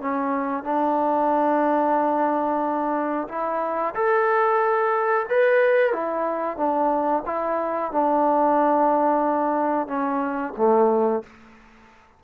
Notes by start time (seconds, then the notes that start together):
0.00 C#4
0.64 D4
3.28 E4
3.94 A4
5.29 B4
5.92 E4
6.57 D4
7.25 E4
7.91 D4
9.87 C#4
10.56 A3